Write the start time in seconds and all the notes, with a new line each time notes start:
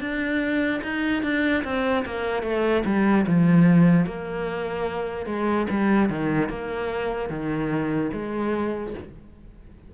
0.00 D4
0.83 D#4
1.22 D4
1.64 C4
2.05 A#3
2.43 A3
2.85 G3
3.27 F3
4.06 A#3
5.26 G#3
5.70 G3
6.09 D#3
6.49 A#3
7.29 D#3
8.13 G#3